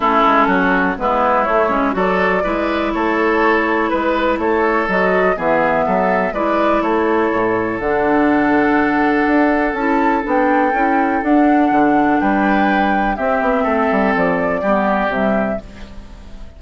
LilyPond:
<<
  \new Staff \with { instrumentName = "flute" } { \time 4/4 \tempo 4 = 123 a'2 b'4 cis''4 | d''2 cis''2 | b'4 cis''4 dis''4 e''4~ | e''4 d''4 cis''2 |
fis''1 | a''4 g''2 fis''4~ | fis''4 g''2 e''4~ | e''4 d''2 e''4 | }
  \new Staff \with { instrumentName = "oboe" } { \time 4/4 e'4 fis'4 e'2 | a'4 b'4 a'2 | b'4 a'2 gis'4 | a'4 b'4 a'2~ |
a'1~ | a'1~ | a'4 b'2 g'4 | a'2 g'2 | }
  \new Staff \with { instrumentName = "clarinet" } { \time 4/4 cis'2 b4 a8 cis'8 | fis'4 e'2.~ | e'2 fis'4 b4~ | b4 e'2. |
d'1 | e'4 d'4 e'4 d'4~ | d'2. c'4~ | c'2 b4 g4 | }
  \new Staff \with { instrumentName = "bassoon" } { \time 4/4 a8 gis8 fis4 gis4 a8 gis8 | fis4 gis4 a2 | gis4 a4 fis4 e4 | fis4 gis4 a4 a,4 |
d2. d'4 | cis'4 b4 cis'4 d'4 | d4 g2 c'8 b8 | a8 g8 f4 g4 c4 | }
>>